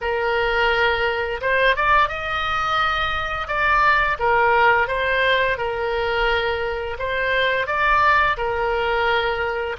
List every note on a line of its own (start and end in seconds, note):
0.01 1.40 A#4
1.41 1.75 C5
1.75 2.09 D5
2.09 3.47 D#5
3.47 4.17 D5
4.19 4.87 A#4
4.87 5.57 C5
5.57 6.97 A#4
6.98 7.66 C5
7.66 8.36 D5
8.37 9.76 A#4